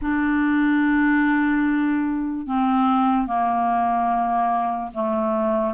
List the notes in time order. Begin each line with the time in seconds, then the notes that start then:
0.01 D4
2.47 C4
3.27 A#3
4.94 A3